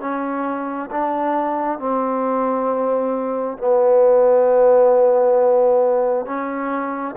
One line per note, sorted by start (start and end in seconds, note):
0.00 0.90 C#4
0.91 1.79 D4
1.79 3.57 C4
3.57 6.26 B3
6.26 7.15 C#4